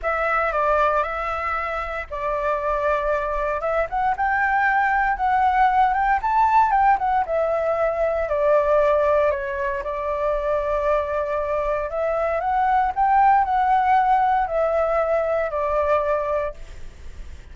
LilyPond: \new Staff \with { instrumentName = "flute" } { \time 4/4 \tempo 4 = 116 e''4 d''4 e''2 | d''2. e''8 fis''8 | g''2 fis''4. g''8 | a''4 g''8 fis''8 e''2 |
d''2 cis''4 d''4~ | d''2. e''4 | fis''4 g''4 fis''2 | e''2 d''2 | }